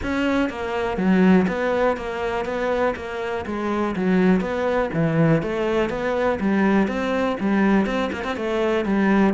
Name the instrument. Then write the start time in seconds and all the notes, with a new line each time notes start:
cello
0.02 C#4
0.49 A#3
0.97 F#3
1.47 B3
1.96 A#3
2.45 B3
2.96 A#3
3.46 G#3
3.96 F#3
4.41 B3
4.93 E3
5.42 A3
5.89 B3
6.40 G3
6.87 C4
7.39 G3
7.86 C4
8.12 A#3
8.24 C4
8.36 A3
8.85 G3